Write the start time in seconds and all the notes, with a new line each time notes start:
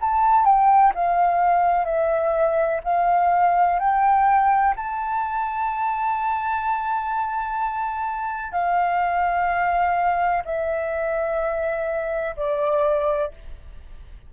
0.00 A5
0.45 G5
0.94 F5
1.85 E5
2.84 F5
3.79 G5
4.76 A5
8.52 F5
10.45 E5
12.36 D5